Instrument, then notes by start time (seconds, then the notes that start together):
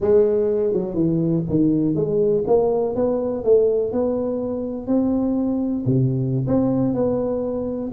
tuba
0.00 G#3
0.73 F#3
0.94 E3
1.49 D#3
1.95 G#3
2.46 A#3
2.95 B3
3.43 A3
3.92 B3
4.86 C4
5.85 C3
6.47 C4
6.94 B3